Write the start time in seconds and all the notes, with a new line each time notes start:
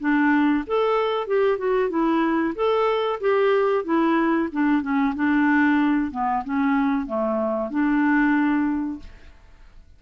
0.00 D4
0.67 A4
1.27 G4
1.58 F#4
1.90 E4
2.55 A4
3.21 G4
3.84 E4
4.52 D4
4.82 C#4
5.16 D4
6.12 B3
6.45 C#4
7.07 A3
7.70 D4